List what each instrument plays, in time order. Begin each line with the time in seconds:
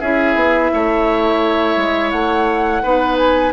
0.00 bassoon C#4, clarinet E4, oboe G#4, flute E5
0.35 bassoon B3
0.73 bassoon A3, oboe C#5
1.76 bassoon G#3
2.10 bassoon A3, flute F#5
2.82 bassoon B3, clarinet D#4, oboe B4
3.17 flute G#5